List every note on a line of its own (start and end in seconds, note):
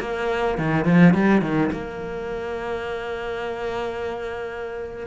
0.00 0.58 A#3
0.58 0.85 D#3
0.85 1.14 F3
1.14 1.42 G3
1.42 1.71 D#3
1.72 5.07 A#3